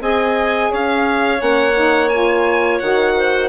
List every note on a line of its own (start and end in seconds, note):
0.00 0.70 C4
0.00 1.36 G#4
0.00 0.70 D#5
0.00 0.72 G#5
0.70 1.41 C#4
0.70 3.14 C#5
0.70 1.41 F5
1.36 2.80 A#3
1.36 1.71 C#4
1.36 2.08 F#5
1.75 2.10 D#4
2.08 2.81 F4
2.08 2.78 G#5
2.79 3.49 D#3
2.79 3.49 F#4
2.79 3.49 F#5
3.16 3.49 C5